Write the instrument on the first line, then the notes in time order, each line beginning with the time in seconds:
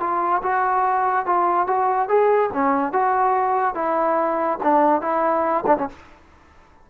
trombone
0.00 F4
0.43 F#4
1.26 F4
1.67 F#4
2.08 G#4
2.53 C#4
2.93 F#4
3.75 E4
4.63 D4
5.01 E4
5.67 D4
5.78 C#4